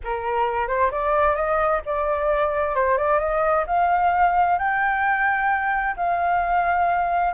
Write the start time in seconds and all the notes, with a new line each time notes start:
0.03 A#4
0.67 C5
0.91 D5
1.35 D#5
1.85 D5
2.75 C5
2.97 D5
3.19 D#5
3.66 F5
4.58 G5
5.96 F5